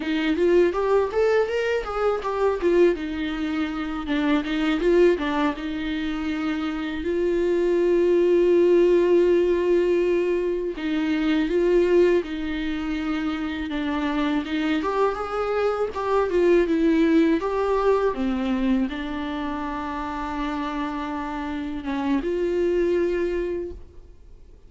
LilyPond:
\new Staff \with { instrumentName = "viola" } { \time 4/4 \tempo 4 = 81 dis'8 f'8 g'8 a'8 ais'8 gis'8 g'8 f'8 | dis'4. d'8 dis'8 f'8 d'8 dis'8~ | dis'4. f'2~ f'8~ | f'2~ f'8 dis'4 f'8~ |
f'8 dis'2 d'4 dis'8 | g'8 gis'4 g'8 f'8 e'4 g'8~ | g'8 c'4 d'2~ d'8~ | d'4. cis'8 f'2 | }